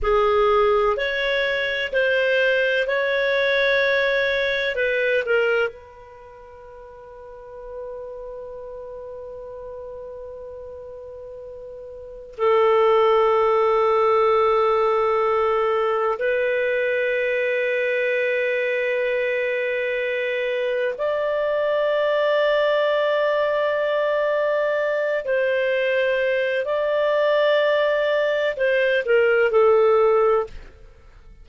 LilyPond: \new Staff \with { instrumentName = "clarinet" } { \time 4/4 \tempo 4 = 63 gis'4 cis''4 c''4 cis''4~ | cis''4 b'8 ais'8 b'2~ | b'1~ | b'4 a'2.~ |
a'4 b'2.~ | b'2 d''2~ | d''2~ d''8 c''4. | d''2 c''8 ais'8 a'4 | }